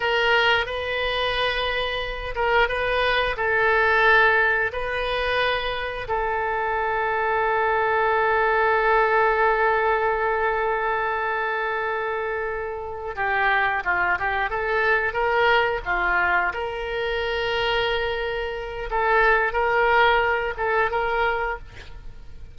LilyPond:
\new Staff \with { instrumentName = "oboe" } { \time 4/4 \tempo 4 = 89 ais'4 b'2~ b'8 ais'8 | b'4 a'2 b'4~ | b'4 a'2.~ | a'1~ |
a'2.~ a'8 g'8~ | g'8 f'8 g'8 a'4 ais'4 f'8~ | f'8 ais'2.~ ais'8 | a'4 ais'4. a'8 ais'4 | }